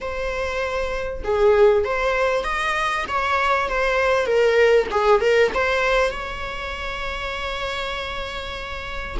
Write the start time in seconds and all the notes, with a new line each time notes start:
0.00 C5
1.24 G#4
1.84 C5
2.44 D#5
3.08 C#5
3.68 C5
4.26 A#4
4.91 G#4
5.20 A#4
5.54 C5
6.10 C#5